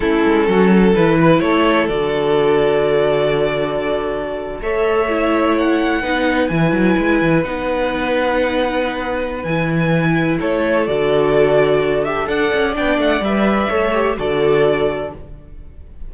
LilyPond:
<<
  \new Staff \with { instrumentName = "violin" } { \time 4/4 \tempo 4 = 127 a'2 b'4 cis''4 | d''1~ | d''4.~ d''16 e''2 fis''16~ | fis''4.~ fis''16 gis''2 fis''16~ |
fis''1 | gis''2 cis''4 d''4~ | d''4. e''8 fis''4 g''8 fis''8 | e''2 d''2 | }
  \new Staff \with { instrumentName = "violin" } { \time 4/4 e'4 fis'8 a'4 b'8 a'4~ | a'1~ | a'4.~ a'16 cis''2~ cis''16~ | cis''8. b'2.~ b'16~ |
b'1~ | b'2 a'2~ | a'2 d''2~ | d''4 cis''4 a'2 | }
  \new Staff \with { instrumentName = "viola" } { \time 4/4 cis'2 e'2 | fis'1~ | fis'4.~ fis'16 a'4 e'4~ e'16~ | e'8. dis'4 e'2 dis'16~ |
dis'1 | e'2. fis'4~ | fis'4. g'8 a'4 d'4 | b'4 a'8 g'8 fis'2 | }
  \new Staff \with { instrumentName = "cello" } { \time 4/4 a8 gis8 fis4 e4 a4 | d1~ | d4.~ d16 a2~ a16~ | a8. b4 e8 fis8 gis8 e8 b16~ |
b1 | e2 a4 d4~ | d2 d'8 cis'8 b8 a8 | g4 a4 d2 | }
>>